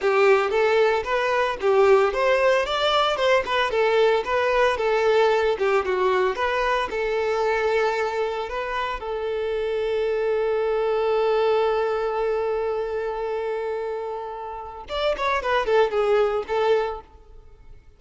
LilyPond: \new Staff \with { instrumentName = "violin" } { \time 4/4 \tempo 4 = 113 g'4 a'4 b'4 g'4 | c''4 d''4 c''8 b'8 a'4 | b'4 a'4. g'8 fis'4 | b'4 a'2. |
b'4 a'2.~ | a'1~ | a'1 | d''8 cis''8 b'8 a'8 gis'4 a'4 | }